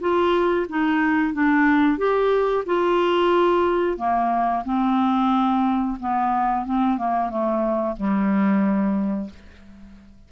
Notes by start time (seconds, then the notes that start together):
0.00 F4
0.69 D#4
1.33 D4
1.98 G4
2.66 F4
3.97 A#3
4.65 C4
6.00 B3
6.65 C4
6.98 A#3
7.29 A3
7.96 G3